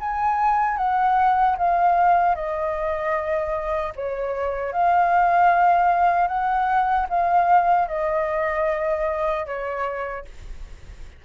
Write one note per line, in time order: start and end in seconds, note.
0.00 0.78 G#5
0.78 1.56 F#5
1.58 2.35 F5
2.35 3.93 D#5
3.96 4.72 C#5
4.72 6.28 F5
6.28 7.07 F#5
7.09 7.88 F5
7.88 9.46 D#5
9.46 10.25 C#5